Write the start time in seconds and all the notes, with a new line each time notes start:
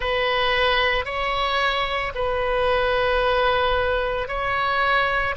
0.00 B4
1.05 C#5
2.14 B4
4.28 C#5